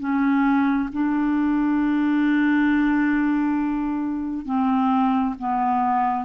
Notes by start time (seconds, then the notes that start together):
0.00 C#4
0.92 D4
4.45 C4
5.39 B3